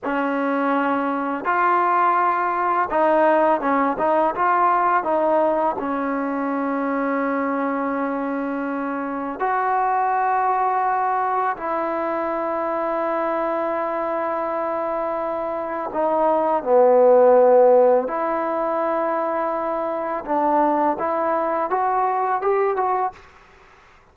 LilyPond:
\new Staff \with { instrumentName = "trombone" } { \time 4/4 \tempo 4 = 83 cis'2 f'2 | dis'4 cis'8 dis'8 f'4 dis'4 | cis'1~ | cis'4 fis'2. |
e'1~ | e'2 dis'4 b4~ | b4 e'2. | d'4 e'4 fis'4 g'8 fis'8 | }